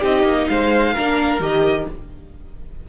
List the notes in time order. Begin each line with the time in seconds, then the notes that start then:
0.00 C4 D#4 G4 D#5
0.23 A#3
0.48 G#3 C5 F5
0.93 A#3 D4 A#4
1.39 D#3 G4 D#5